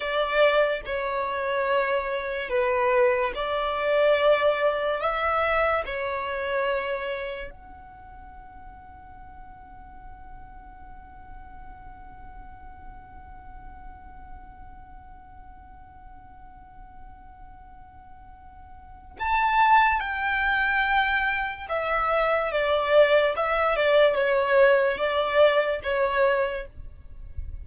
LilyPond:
\new Staff \with { instrumentName = "violin" } { \time 4/4 \tempo 4 = 72 d''4 cis''2 b'4 | d''2 e''4 cis''4~ | cis''4 fis''2.~ | fis''1~ |
fis''1~ | fis''2. a''4 | g''2 e''4 d''4 | e''8 d''8 cis''4 d''4 cis''4 | }